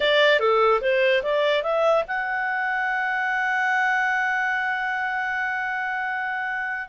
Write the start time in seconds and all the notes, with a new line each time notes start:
0.00 D5
0.39 A4
0.81 C5
1.22 D5
1.62 E5
2.07 F#5